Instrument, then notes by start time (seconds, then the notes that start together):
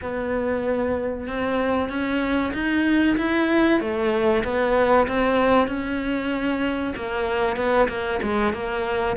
cello
0.01 B3
1.27 C4
1.89 C#4
2.53 D#4
3.17 E4
3.80 A3
4.44 B3
5.07 C4
5.67 C#4
6.96 A#3
7.56 B3
7.88 A#3
8.22 G#3
8.53 A#3